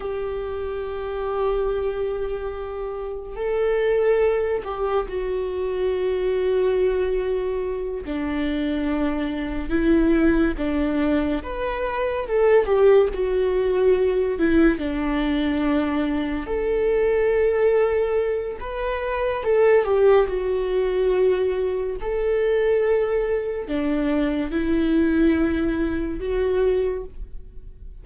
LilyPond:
\new Staff \with { instrumentName = "viola" } { \time 4/4 \tempo 4 = 71 g'1 | a'4. g'8 fis'2~ | fis'4. d'2 e'8~ | e'8 d'4 b'4 a'8 g'8 fis'8~ |
fis'4 e'8 d'2 a'8~ | a'2 b'4 a'8 g'8 | fis'2 a'2 | d'4 e'2 fis'4 | }